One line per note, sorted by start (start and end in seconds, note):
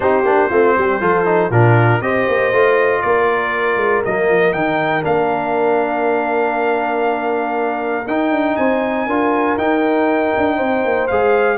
0.00 0.24 C4
0.00 0.23 D#4
0.00 0.49 G4
0.00 1.51 C5
0.24 0.49 A#3
0.24 0.50 D4
0.49 0.76 A3
0.49 1.00 C4
0.49 0.75 F4
0.77 1.00 G3
0.77 1.00 G4
1.00 1.50 F3
1.00 1.25 F4
1.00 1.50 A4
1.25 1.50 D#4
1.50 2.00 A#2
1.50 2.02 D4
1.50 2.01 F4
1.50 2.01 A#4
2.01 2.26 C4
2.01 2.53 G4
2.01 3.03 C5
2.01 3.01 D#5
2.27 2.52 A#3
2.52 3.02 A3
2.52 4.04 F4
3.01 3.76 A#3
3.01 8.57 A#4
3.01 4.02 D5
3.76 4.01 G#3
4.04 4.29 F#3
4.04 4.53 A#3
4.04 4.52 D#5
4.29 4.53 F3
4.52 5.03 D#3
4.52 5.02 D#4
4.52 5.03 G5
5.02 8.06 A#3
5.02 8.04 D4
5.02 8.07 F5
8.06 8.30 D#4
8.06 9.09 D#4
8.06 8.56 G5
8.30 8.56 D4
8.56 9.06 C4
8.56 9.06 C5
8.56 9.57 G#5
9.06 9.57 D4
9.06 9.58 F4
9.06 10.56 A#4
9.57 10.32 D#4
9.57 11.09 D#4
9.57 11.07 G5
10.36 10.59 D4
10.56 10.84 C4
10.56 11.57 C5
10.84 11.10 A#3
11.07 11.57 G#3
11.07 11.57 G#4
11.07 11.57 F5